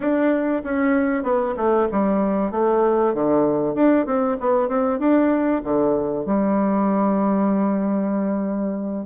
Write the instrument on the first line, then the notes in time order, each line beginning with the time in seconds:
bassoon
0.00 D4
0.63 C#4
1.23 B3
1.56 A3
1.91 G3
2.51 A3
3.14 D3
3.74 D4
4.06 C4
4.40 B3
4.68 C4
4.99 D4
5.63 D3
6.25 G3